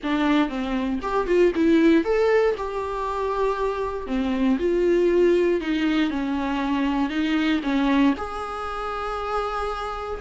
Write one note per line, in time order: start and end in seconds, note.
0.03 0.48 D4
0.48 0.99 C4
1.01 1.27 G4
1.27 1.52 F4
1.55 2.04 E4
2.04 2.55 A4
2.57 4.06 G4
4.06 4.57 C4
4.59 5.60 F4
5.60 6.10 D#4
6.10 7.09 C#4
7.09 7.60 D#4
7.63 8.14 C#4
8.17 10.20 G#4